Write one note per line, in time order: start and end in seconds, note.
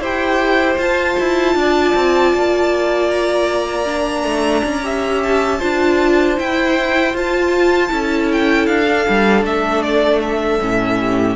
0.00 0.77 E4
0.00 0.80 G4
0.00 1.55 C5
0.00 0.80 G5
0.79 1.17 F4
0.79 3.86 F4
0.79 3.11 A5
1.20 1.56 E4
1.56 1.94 D4
1.56 4.85 D5
1.95 2.34 C4
2.34 4.24 A#3
3.11 5.22 A#5
3.86 4.82 D4
4.24 4.62 A3
4.64 5.61 C#4
4.83 5.60 G4
4.83 5.59 E5
5.24 6.39 A5
5.59 6.39 D4
5.59 6.37 F4
5.59 7.90 C5
6.37 7.14 E4
6.37 7.16 G5
7.14 7.91 F4
7.14 7.89 F4
7.14 8.32 A5
7.89 8.67 C#4
7.89 8.85 E4
7.89 10.99 A4
8.32 8.67 G5
8.67 9.06 D4
8.67 9.44 F5
8.88 10.60 D4
9.09 9.43 G3
9.43 10.59 A3
9.43 9.83 E5
9.83 10.21 D5
10.22 11.36 E5
10.60 11.36 A2
10.60 11.36 C#4
10.99 11.36 G4